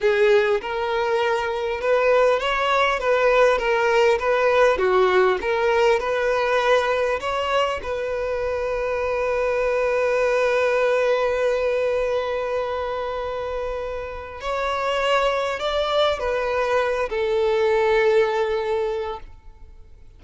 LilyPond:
\new Staff \with { instrumentName = "violin" } { \time 4/4 \tempo 4 = 100 gis'4 ais'2 b'4 | cis''4 b'4 ais'4 b'4 | fis'4 ais'4 b'2 | cis''4 b'2.~ |
b'1~ | b'1 | cis''2 d''4 b'4~ | b'8 a'2.~ a'8 | }